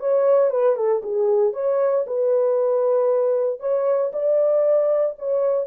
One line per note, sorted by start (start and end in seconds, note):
0.00 0.50 C#5
0.50 0.76 B4
0.76 1.02 A4
1.03 1.53 G#4
1.53 2.05 C#5
2.07 3.60 B4
3.60 4.12 C#5
4.13 5.16 D5
5.19 5.67 C#5